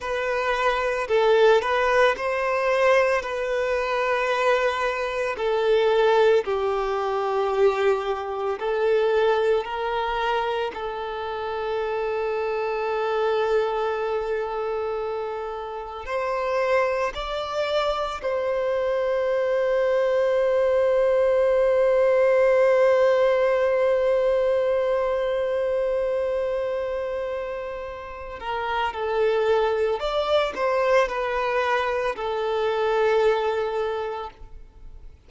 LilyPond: \new Staff \with { instrumentName = "violin" } { \time 4/4 \tempo 4 = 56 b'4 a'8 b'8 c''4 b'4~ | b'4 a'4 g'2 | a'4 ais'4 a'2~ | a'2. c''4 |
d''4 c''2.~ | c''1~ | c''2~ c''8 ais'8 a'4 | d''8 c''8 b'4 a'2 | }